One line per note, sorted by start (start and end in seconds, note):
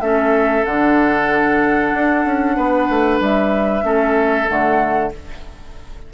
0.00 0.64 A3
0.00 0.65 C#4
0.00 2.56 A4
0.00 0.64 E5
0.65 1.93 D3
0.65 3.83 D4
0.65 3.20 F#5
1.93 2.25 D4
2.25 2.57 C#4
2.56 2.89 B3
2.56 3.84 B4
2.89 3.20 A3
3.20 3.83 G3
3.20 4.48 E5
3.83 4.47 A3
3.83 4.46 C#4
3.83 5.13 A4
4.47 5.13 D3
4.47 5.11 A3
4.47 5.12 F#5